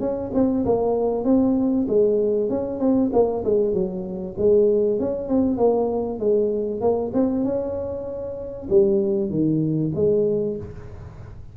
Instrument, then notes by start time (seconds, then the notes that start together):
tuba
0.00 C#4
0.34 C4
0.65 A#3
1.25 C4
1.88 G#3
2.50 C#4
2.79 C4
3.13 A#3
3.44 G#3
3.74 F#3
4.38 G#3
5.00 C#4
5.28 C4
5.57 A#3
6.19 G#3
6.81 A#3
7.14 C4
7.45 C#4
8.70 G3
9.30 D#3
9.95 G#3